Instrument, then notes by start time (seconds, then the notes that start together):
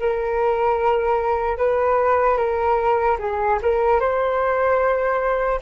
flute
0.00 A#4
1.58 B4
2.37 A#4
3.19 G#4
3.62 A#4
4.00 C5